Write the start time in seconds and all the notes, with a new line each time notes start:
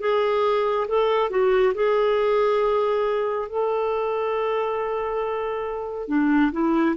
0.00 G#4
0.88 A4
1.30 F#4
1.74 G#4
3.49 A4
6.08 D4
6.52 E4